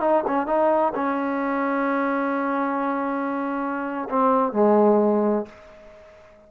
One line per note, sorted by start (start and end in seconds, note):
0.00 0.23 D#4
0.27 0.46 C#4
0.46 0.93 D#4
0.95 4.08 C#4
4.09 4.52 C4
4.52 5.45 G#3